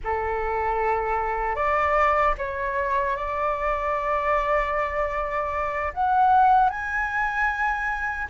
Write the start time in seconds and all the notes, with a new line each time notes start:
0.04 A4
1.55 D5
2.38 C#5
3.16 D5
5.93 F#5
6.69 G#5